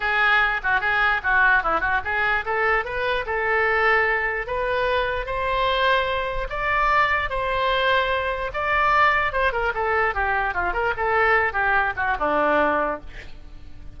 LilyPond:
\new Staff \with { instrumentName = "oboe" } { \time 4/4 \tempo 4 = 148 gis'4. fis'8 gis'4 fis'4 | e'8 fis'8 gis'4 a'4 b'4 | a'2. b'4~ | b'4 c''2. |
d''2 c''2~ | c''4 d''2 c''8 ais'8 | a'4 g'4 f'8 ais'8 a'4~ | a'8 g'4 fis'8 d'2 | }